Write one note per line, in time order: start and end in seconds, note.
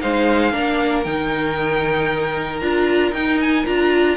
0.00 0.53 G#3
0.00 0.52 D#4
0.00 0.52 C5
0.00 1.03 F5
0.52 1.05 A#3
0.52 1.04 D4
0.52 4.17 A#4
1.03 2.61 D#3
1.03 2.61 D#4
1.03 2.59 G5
2.59 3.11 D4
2.59 3.13 F4
2.59 3.11 A#5
3.11 3.63 D#4
3.11 3.65 D#4
3.11 3.39 G5
3.40 3.65 G#5
3.65 4.17 D4
3.65 4.17 F4
3.65 4.17 A#5